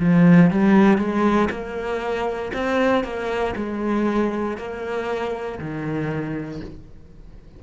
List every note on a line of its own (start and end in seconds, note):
0.00 0.50 F3
0.50 0.98 G3
0.98 1.49 G#3
1.50 2.52 A#3
2.53 3.04 C4
3.04 3.55 A#3
3.55 4.57 G#3
4.57 5.59 A#3
5.59 6.61 D#3